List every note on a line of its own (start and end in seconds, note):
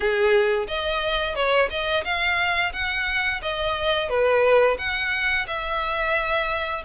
0.00 0.67 G#4
0.67 1.35 D#5
1.35 1.69 C#5
1.70 2.04 D#5
2.04 2.72 F5
2.73 3.41 F#5
3.42 4.09 D#5
4.09 4.77 B4
4.78 5.46 F#5
5.47 6.83 E5